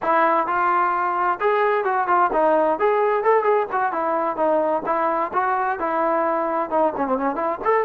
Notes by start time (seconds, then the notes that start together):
0.02 E4
0.47 F4
1.40 G#4
1.84 F#4
2.07 F4
2.32 D#4
2.79 G#4
3.23 A4
3.43 G#4
3.72 F#4
3.92 E4
4.36 D#4
4.85 E4
5.33 F#4
5.79 E4
6.70 D#4
6.97 C#4
7.06 C4
7.17 C#4
7.35 E4
7.64 A4